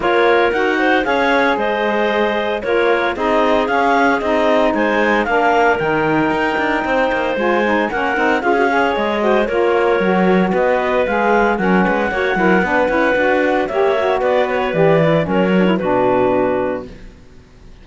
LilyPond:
<<
  \new Staff \with { instrumentName = "clarinet" } { \time 4/4 \tempo 4 = 114 cis''4 fis''4 f''4 dis''4~ | dis''4 cis''4 dis''4 f''4 | dis''4 gis''4 f''4 g''4~ | g''2 gis''4 fis''4 |
f''4 dis''4 cis''2 | dis''4 f''4 fis''2~ | fis''2 e''4 d''8 cis''8 | d''4 cis''4 b'2 | }
  \new Staff \with { instrumentName = "clarinet" } { \time 4/4 ais'4. c''8 cis''4 c''4~ | c''4 ais'4 gis'2~ | gis'4 c''4 ais'2~ | ais'4 c''2 ais'4 |
gis'8 cis''4 c''8 ais'2 | b'2 ais'8 b'8 cis''8 ais'8 | b'2 cis''4 b'4~ | b'4 ais'4 fis'2 | }
  \new Staff \with { instrumentName = "saxophone" } { \time 4/4 f'4 fis'4 gis'2~ | gis'4 f'4 dis'4 cis'4 | dis'2 d'4 dis'4~ | dis'2 f'8 dis'8 cis'8 dis'8 |
f'16 fis'16 gis'4 fis'8 f'4 fis'4~ | fis'4 gis'4 cis'4 fis'8 e'8 | d'8 e'8 fis'4 g'8 fis'4. | g'8 e'8 cis'8 d'16 e'16 d'2 | }
  \new Staff \with { instrumentName = "cello" } { \time 4/4 ais4 dis'4 cis'4 gis4~ | gis4 ais4 c'4 cis'4 | c'4 gis4 ais4 dis4 | dis'8 d'8 c'8 ais8 gis4 ais8 c'8 |
cis'4 gis4 ais4 fis4 | b4 gis4 fis8 gis8 ais8 fis8 | b8 cis'8 d'4 ais4 b4 | e4 fis4 b,2 | }
>>